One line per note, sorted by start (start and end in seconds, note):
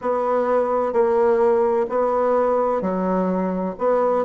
0.01 0.92 B3
0.92 1.86 A#3
1.89 2.81 B3
2.81 3.75 F#3
3.78 4.24 B3